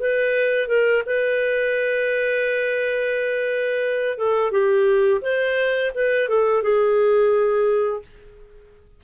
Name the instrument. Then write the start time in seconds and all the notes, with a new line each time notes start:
clarinet
0.00 B4
0.68 A#4
1.06 B4
4.18 A4
4.52 G4
5.22 C5
5.95 B4
6.29 A4
6.63 G#4